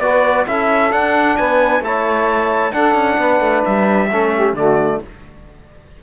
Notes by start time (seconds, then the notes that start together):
0.00 B3 F#4 B4 D5
0.47 C#4 E4 A4 E5
0.91 D4 F#5
1.37 B3 B4 G#5
1.80 A3 E4 C#5 A5
2.72 D4 A4 F#5
2.95 C#4
3.18 B3 B4
3.40 A3
3.65 G3 E5
4.09 A3 C#4 A4
4.35 G4
4.54 D3 A3 F#4 D5